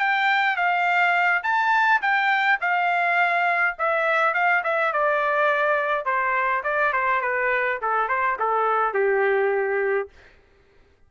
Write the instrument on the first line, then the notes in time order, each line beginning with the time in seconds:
trumpet
0.00 G5
0.57 F5
1.44 A5
2.02 G5
2.61 F5
3.79 E5
4.35 F5
4.64 E5
4.93 D5
6.06 C5
6.64 D5
6.93 C5
7.22 B4
7.82 A4
8.09 C5
8.40 A4
8.94 G4